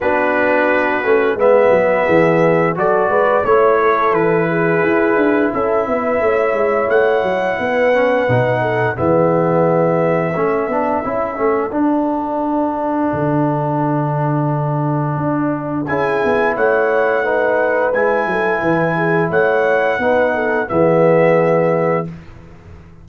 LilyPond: <<
  \new Staff \with { instrumentName = "trumpet" } { \time 4/4 \tempo 4 = 87 b'2 e''2 | d''4 cis''4 b'2 | e''2 fis''2~ | fis''4 e''2.~ |
e''4 fis''2.~ | fis''2. gis''4 | fis''2 gis''2 | fis''2 e''2 | }
  \new Staff \with { instrumentName = "horn" } { \time 4/4 fis'2 b'4 gis'4 | a'8 b'8 cis''8 a'4 gis'4. | a'8 b'8 cis''2 b'4~ | b'8 a'8 gis'2 a'4~ |
a'1~ | a'2. gis'4 | cis''4 b'4. a'8 b'8 gis'8 | cis''4 b'8 a'8 gis'2 | }
  \new Staff \with { instrumentName = "trombone" } { \time 4/4 d'4. cis'8 b2 | fis'4 e'2.~ | e'2.~ e'8 cis'8 | dis'4 b2 cis'8 d'8 |
e'8 cis'8 d'2.~ | d'2. e'4~ | e'4 dis'4 e'2~ | e'4 dis'4 b2 | }
  \new Staff \with { instrumentName = "tuba" } { \time 4/4 b4. a8 gis8 fis8 e4 | fis8 gis8 a4 e4 e'8 d'8 | cis'8 b8 a8 gis8 a8 fis8 b4 | b,4 e2 a8 b8 |
cis'8 a8 d'2 d4~ | d2 d'4 cis'8 b8 | a2 gis8 fis8 e4 | a4 b4 e2 | }
>>